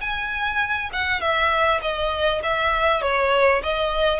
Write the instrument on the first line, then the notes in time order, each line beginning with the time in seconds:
violin
0.00 G#5
0.92 F#5
1.20 E5
1.82 D#5
2.43 E5
3.01 C#5
3.63 D#5